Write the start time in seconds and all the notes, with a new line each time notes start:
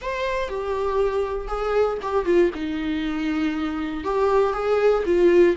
0.01 C5
0.49 G4
1.47 G#4
2.01 G4
2.25 F4
2.54 D#4
4.04 G4
4.53 G#4
5.05 F4